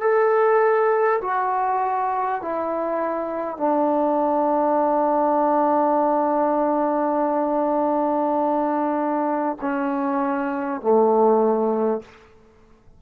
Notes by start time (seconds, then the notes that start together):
0.00 A4
1.21 F#4
2.41 E4
3.57 D4
9.61 C#4
10.81 A3